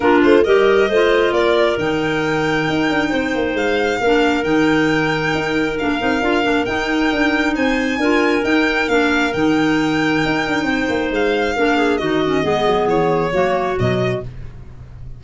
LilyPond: <<
  \new Staff \with { instrumentName = "violin" } { \time 4/4 \tempo 4 = 135 ais'8 c''8 dis''2 d''4 | g''1 | f''2 g''2~ | g''4 f''2 g''4~ |
g''4 gis''2 g''4 | f''4 g''2.~ | g''4 f''2 dis''4~ | dis''4 cis''2 dis''4 | }
  \new Staff \with { instrumentName = "clarinet" } { \time 4/4 f'4 ais'4 c''4 ais'4~ | ais'2. c''4~ | c''4 ais'2.~ | ais'1~ |
ais'4 c''4 ais'2~ | ais'1 | c''2 ais'8 gis'8 fis'4 | gis'2 fis'2 | }
  \new Staff \with { instrumentName = "clarinet" } { \time 4/4 d'4 g'4 f'2 | dis'1~ | dis'4 d'4 dis'2~ | dis'4 d'8 dis'8 f'8 d'8 dis'4~ |
dis'2 f'4 dis'4 | d'4 dis'2.~ | dis'2 d'4 dis'8 cis'8 | b2 ais4 fis4 | }
  \new Staff \with { instrumentName = "tuba" } { \time 4/4 ais8 a8 g4 a4 ais4 | dis2 dis'8 d'8 c'8 ais8 | gis4 ais4 dis2 | dis'4 ais8 c'8 d'8 ais8 dis'4 |
d'4 c'4 d'4 dis'4 | ais4 dis2 dis'8 d'8 | c'8 ais8 gis4 ais4 dis4 | gis8 fis8 e4 fis4 b,4 | }
>>